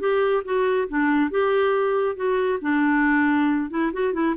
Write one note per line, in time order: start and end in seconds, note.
0.00 0.43 G4
0.45 0.88 F#4
0.89 1.31 D4
1.31 2.16 G4
2.16 2.59 F#4
2.62 3.70 D4
3.70 3.92 E4
3.93 4.14 F#4
4.14 4.36 E4